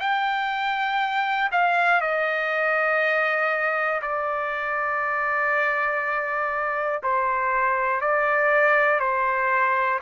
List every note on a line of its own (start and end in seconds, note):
0.00 1.50 G5
1.52 2.02 F5
2.02 4.02 D#5
4.02 7.02 D5
7.03 8.02 C5
8.02 9.00 D5
9.00 10.00 C5